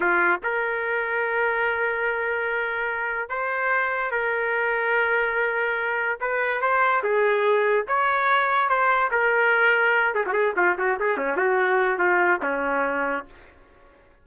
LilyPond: \new Staff \with { instrumentName = "trumpet" } { \time 4/4 \tempo 4 = 145 f'4 ais'2.~ | ais'1 | c''2 ais'2~ | ais'2. b'4 |
c''4 gis'2 cis''4~ | cis''4 c''4 ais'2~ | ais'8 gis'16 fis'16 gis'8 f'8 fis'8 gis'8 cis'8 fis'8~ | fis'4 f'4 cis'2 | }